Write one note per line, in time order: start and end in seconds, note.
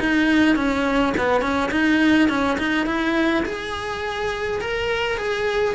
0.00 0.56 D#4
0.56 1.14 C#4
1.17 1.42 B3
1.42 1.70 C#4
1.72 2.29 D#4
2.29 2.58 C#4
2.59 2.86 D#4
2.86 3.44 E4
3.46 4.61 G#4
4.61 5.18 A#4
5.18 5.75 G#4